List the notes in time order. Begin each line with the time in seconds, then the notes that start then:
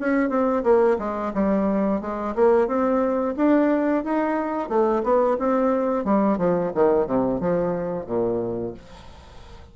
0.00 C#4
0.29 C4
0.63 A#3
0.99 G#3
1.34 G3
2.01 G#3
2.36 A#3
2.68 C4
3.37 D4
4.04 D#4
4.69 A3
5.03 B3
5.39 C4
6.05 G3
6.38 F3
6.75 D#3
7.07 C3
7.40 F3
8.07 A#2